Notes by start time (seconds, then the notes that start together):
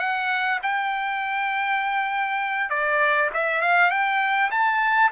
0.00 F#5
0.63 G5
2.70 D5
3.34 E5
3.62 F5
3.91 G5
4.52 A5